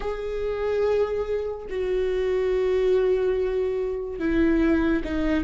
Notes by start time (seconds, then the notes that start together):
0.00 G#4
1.69 F#4
4.19 E4
5.04 D#4